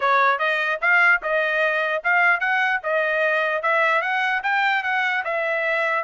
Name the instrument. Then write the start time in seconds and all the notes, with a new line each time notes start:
trumpet
0.00 C#5
0.38 D#5
0.81 F5
1.22 D#5
2.03 F5
2.40 F#5
2.83 D#5
3.62 E5
4.01 F#5
4.43 G5
4.83 F#5
5.24 E5